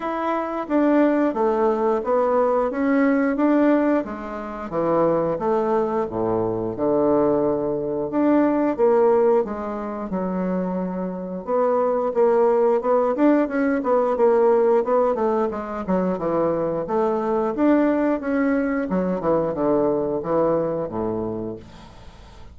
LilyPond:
\new Staff \with { instrumentName = "bassoon" } { \time 4/4 \tempo 4 = 89 e'4 d'4 a4 b4 | cis'4 d'4 gis4 e4 | a4 a,4 d2 | d'4 ais4 gis4 fis4~ |
fis4 b4 ais4 b8 d'8 | cis'8 b8 ais4 b8 a8 gis8 fis8 | e4 a4 d'4 cis'4 | fis8 e8 d4 e4 a,4 | }